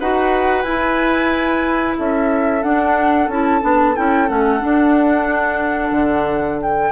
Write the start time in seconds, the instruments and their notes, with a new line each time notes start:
0.00 bassoon D#4, clarinet F#4, oboe B4, flute F#5
0.62 bassoon E4, clarinet E4, flute G#5
1.98 bassoon C#4, oboe A4, flute E5
2.63 bassoon D4, clarinet D4, flute F#5
3.28 bassoon C#4, clarinet E4, flute A5
3.61 bassoon B3, clarinet D4
3.96 bassoon C#4, clarinet E4, flute G5
4.28 bassoon A3, clarinet C#4, flute F#5
4.60 clarinet D4, bassoon D4
5.92 bassoon D3
6.62 flute G5